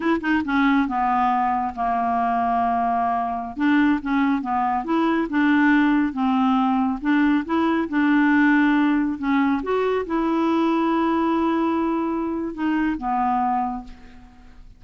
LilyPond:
\new Staff \with { instrumentName = "clarinet" } { \time 4/4 \tempo 4 = 139 e'8 dis'8 cis'4 b2 | ais1~ | ais16 d'4 cis'4 b4 e'8.~ | e'16 d'2 c'4.~ c'16~ |
c'16 d'4 e'4 d'4.~ d'16~ | d'4~ d'16 cis'4 fis'4 e'8.~ | e'1~ | e'4 dis'4 b2 | }